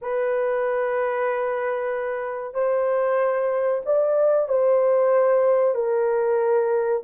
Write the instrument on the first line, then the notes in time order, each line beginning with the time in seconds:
horn
0.01 B4
2.54 C5
3.85 D5
4.48 C5
5.74 A#4